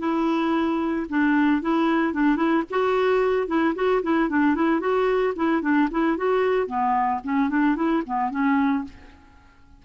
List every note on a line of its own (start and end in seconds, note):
0.00 1.07 E4
1.10 1.62 D4
1.62 2.14 E4
2.14 2.37 D4
2.37 2.63 E4
2.71 3.48 F#4
3.48 3.75 E4
3.75 4.02 F#4
4.03 4.30 E4
4.30 4.56 D4
4.56 4.81 E4
4.81 5.34 F#4
5.36 5.62 E4
5.62 5.89 D4
5.91 6.18 E4
6.18 6.67 F#4
6.67 7.21 B3
7.24 7.50 C#4
7.50 7.77 D4
7.77 8.03 E4
8.07 8.31 B3
8.31 8.84 C#4